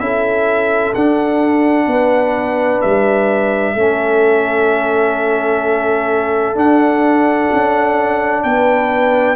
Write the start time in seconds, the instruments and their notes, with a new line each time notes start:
0.00 tuba C#4, trombone E4, horn A4, trumpet E5
0.95 tuba D4, trombone D4, trumpet F#5
1.87 tuba B3, horn B4
2.82 tuba G3, trumpet E5
3.74 tuba A3, trombone C#4, horn A4
6.55 tuba D4, trombone D4, trumpet F#5
7.53 tuba C#4
8.43 tuba B3, horn B4, trumpet G5